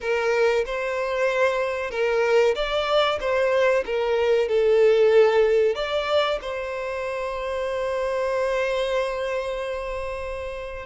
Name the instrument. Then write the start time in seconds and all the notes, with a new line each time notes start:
violin
0.01 A#4
0.65 C5
1.90 A#4
2.55 D5
3.20 C5
3.85 A#4
4.48 A4
5.75 D5
6.41 C5